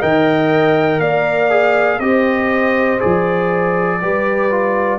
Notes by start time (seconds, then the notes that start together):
0.00 D#3 A#4 D#5 G5
0.99 A#3 D5 F5
1.51 G#4
2.00 C4 G4 C5 D#5
3.00 F3 G#4 D5
4.02 G3 G4 B4
4.51 F4